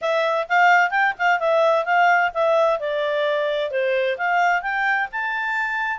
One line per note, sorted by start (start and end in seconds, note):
0.01 0.47 E5
0.48 0.90 F5
0.90 1.13 G5
1.18 1.39 F5
1.39 1.85 E5
1.85 2.31 F5
2.34 2.79 E5
2.79 3.70 D5
3.70 4.17 C5
4.17 4.62 F5
4.62 5.08 G5
5.11 5.99 A5